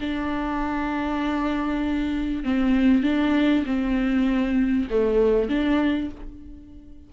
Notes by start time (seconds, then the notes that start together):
0.00 D4
2.44 C4
3.03 D4
3.66 C4
4.90 A3
5.49 D4